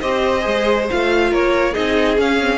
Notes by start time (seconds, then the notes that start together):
0.00 C4 G4 C5 D#5
0.41 G#3 G#4
0.90 A3 F4 F5
1.31 A#3 A#4 C#5
1.72 C4 D#4 G#4 D#5
2.17 C#4 F5
2.41 C4